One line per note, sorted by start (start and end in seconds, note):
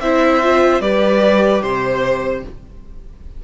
0.00 0.80 C4
0.00 0.43 E4
0.00 0.82 C5
0.00 0.81 E5
0.43 0.82 F4
0.80 1.61 G3
0.80 2.44 G4
0.80 1.63 B4
0.80 1.62 D5
1.62 2.43 C3
1.62 2.43 C5
1.62 2.44 C5